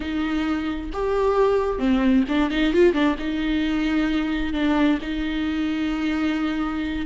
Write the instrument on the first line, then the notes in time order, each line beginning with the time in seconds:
viola
0.00 D#4
0.93 G4
1.78 C4
2.28 D4
2.50 D#4
2.73 F4
2.93 D4
3.19 D#4
4.53 D4
5.01 D#4